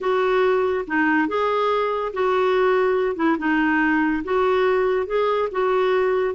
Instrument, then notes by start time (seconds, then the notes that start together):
clarinet
0.00 F#4
0.87 D#4
1.28 G#4
2.13 F#4
3.16 E4
3.38 D#4
4.24 F#4
5.06 G#4
5.51 F#4